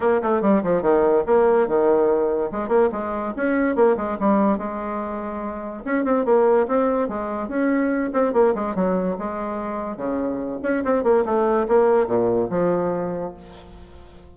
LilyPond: \new Staff \with { instrumentName = "bassoon" } { \time 4/4 \tempo 4 = 144 ais8 a8 g8 f8 dis4 ais4 | dis2 gis8 ais8 gis4 | cis'4 ais8 gis8 g4 gis4~ | gis2 cis'8 c'8 ais4 |
c'4 gis4 cis'4. c'8 | ais8 gis8 fis4 gis2 | cis4. cis'8 c'8 ais8 a4 | ais4 ais,4 f2 | }